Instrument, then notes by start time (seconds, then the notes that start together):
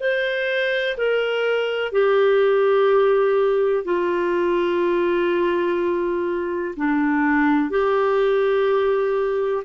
clarinet
0.00 C5
0.97 A#4
1.92 G4
3.84 F4
6.76 D4
7.70 G4